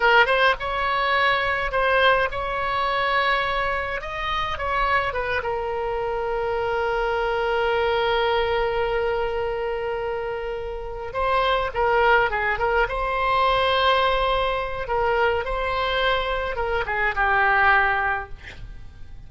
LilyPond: \new Staff \with { instrumentName = "oboe" } { \time 4/4 \tempo 4 = 105 ais'8 c''8 cis''2 c''4 | cis''2. dis''4 | cis''4 b'8 ais'2~ ais'8~ | ais'1~ |
ais'2.~ ais'8 c''8~ | c''8 ais'4 gis'8 ais'8 c''4.~ | c''2 ais'4 c''4~ | c''4 ais'8 gis'8 g'2 | }